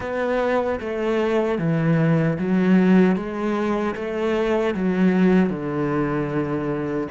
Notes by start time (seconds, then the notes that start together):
0.00 B3
0.80 A3
1.58 E3
2.38 F#3
3.15 G#3
3.95 A3
4.74 F#3
5.49 D3